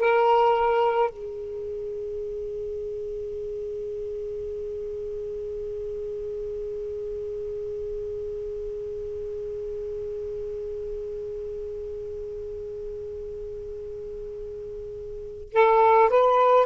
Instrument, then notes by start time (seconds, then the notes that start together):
saxophone
0.00 A#4
1.11 G#4
15.54 A4
16.10 B4